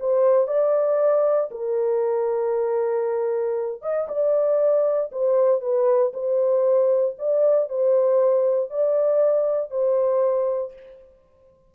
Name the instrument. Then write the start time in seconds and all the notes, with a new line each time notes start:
horn
0.00 C5
0.48 D5
1.51 A#4
3.82 D#5
4.08 D5
5.12 C5
5.61 B4
6.14 C5
7.19 D5
7.69 C5
8.70 D5
9.71 C5